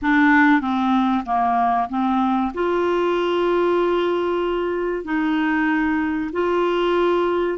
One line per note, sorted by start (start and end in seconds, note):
0.01 0.61 D4
0.61 1.24 C4
1.25 1.89 A#3
1.89 2.52 C4
2.53 5.04 F4
5.04 6.30 D#4
6.32 7.58 F4